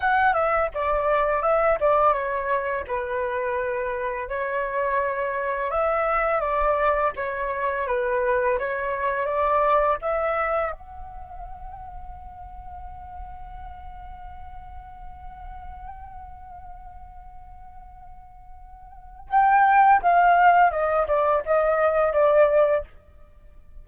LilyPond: \new Staff \with { instrumentName = "flute" } { \time 4/4 \tempo 4 = 84 fis''8 e''8 d''4 e''8 d''8 cis''4 | b'2 cis''2 | e''4 d''4 cis''4 b'4 | cis''4 d''4 e''4 fis''4~ |
fis''1~ | fis''1~ | fis''2. g''4 | f''4 dis''8 d''8 dis''4 d''4 | }